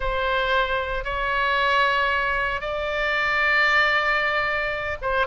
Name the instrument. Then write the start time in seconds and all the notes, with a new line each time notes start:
oboe
0.00 C5
1.04 C#5
2.60 D5
5.01 C5